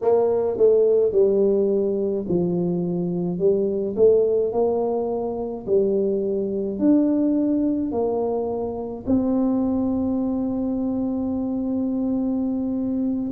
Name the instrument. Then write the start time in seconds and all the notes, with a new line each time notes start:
tuba
0.01 A#3
0.57 A3
1.12 G3
2.28 F3
3.38 G3
3.96 A3
4.52 A#3
5.66 G3
6.78 D4
7.91 A#3
9.06 C4